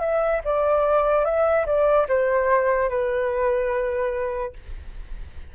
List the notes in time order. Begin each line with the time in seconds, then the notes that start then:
0.00 E5
0.44 D5
1.24 E5
1.66 D5
2.08 C5
2.89 B4